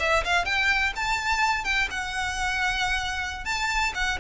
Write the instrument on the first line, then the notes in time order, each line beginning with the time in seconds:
violin
0.00 E5
0.25 F5
0.45 G5
0.96 A5
1.64 G5
1.91 F#5
3.45 A5
3.95 F#5